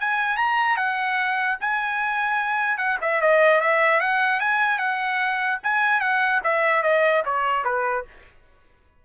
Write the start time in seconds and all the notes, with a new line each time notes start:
0.00 G#5
0.36 A#5
0.77 F#5
1.60 G#5
2.77 F#5
3.01 E5
3.21 D#5
3.61 E5
4.00 F#5
4.40 G#5
4.78 F#5
5.63 G#5
6.00 F#5
6.43 E5
6.83 D#5
7.25 C#5
7.64 B4